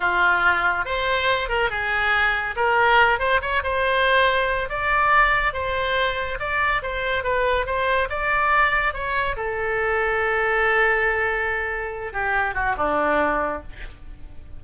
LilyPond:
\new Staff \with { instrumentName = "oboe" } { \time 4/4 \tempo 4 = 141 f'2 c''4. ais'8 | gis'2 ais'4. c''8 | cis''8 c''2~ c''8 d''4~ | d''4 c''2 d''4 |
c''4 b'4 c''4 d''4~ | d''4 cis''4 a'2~ | a'1~ | a'8 g'4 fis'8 d'2 | }